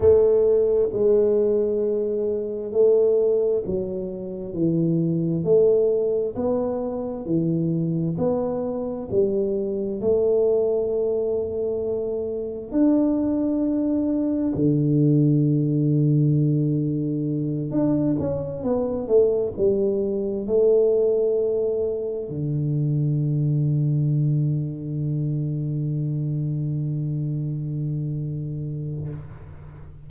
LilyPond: \new Staff \with { instrumentName = "tuba" } { \time 4/4 \tempo 4 = 66 a4 gis2 a4 | fis4 e4 a4 b4 | e4 b4 g4 a4~ | a2 d'2 |
d2.~ d8 d'8 | cis'8 b8 a8 g4 a4.~ | a8 d2.~ d8~ | d1 | }